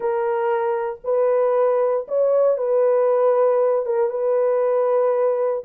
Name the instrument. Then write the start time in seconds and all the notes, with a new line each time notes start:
horn
0.00 A#4
1.04 B4
2.08 C#5
2.57 B4
3.85 A#4
4.10 B4